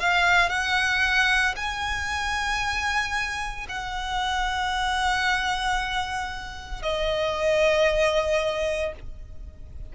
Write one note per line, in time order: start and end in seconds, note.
0.00 0.50 F5
0.50 1.55 F#5
1.56 3.67 G#5
3.69 6.83 F#5
6.83 8.93 D#5